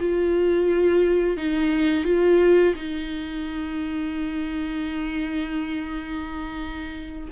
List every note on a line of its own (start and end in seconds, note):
0.00 1.37 F4
1.37 2.05 D#4
2.05 2.74 F4
2.76 7.29 D#4